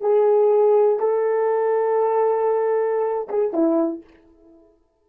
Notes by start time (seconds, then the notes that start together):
0.00 G#4
0.99 A4
3.29 G#4
3.52 E4